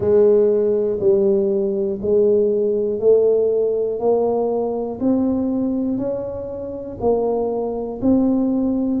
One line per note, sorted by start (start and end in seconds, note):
0.00 0.99 G#3
0.99 1.99 G3
2.01 2.99 G#3
2.99 3.99 A3
4.00 5.00 A#3
5.00 5.97 C4
5.97 6.97 C#4
7.00 8.00 A#3
8.01 9.00 C4